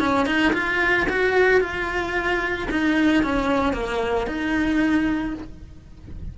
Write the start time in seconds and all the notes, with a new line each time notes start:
0.00 C#4
0.26 D#4
0.54 F4
1.10 F#4
1.61 F4
2.71 D#4
3.24 C#4
3.74 A#3
4.27 D#4